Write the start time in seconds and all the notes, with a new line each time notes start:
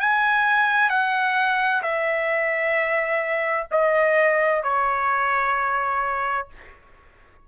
0.00 G#5
0.90 F#5
1.82 E5
3.71 D#5
4.63 C#5